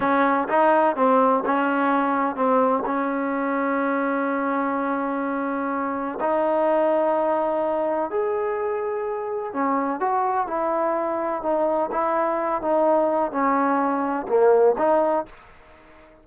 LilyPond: \new Staff \with { instrumentName = "trombone" } { \time 4/4 \tempo 4 = 126 cis'4 dis'4 c'4 cis'4~ | cis'4 c'4 cis'2~ | cis'1~ | cis'4 dis'2.~ |
dis'4 gis'2. | cis'4 fis'4 e'2 | dis'4 e'4. dis'4. | cis'2 ais4 dis'4 | }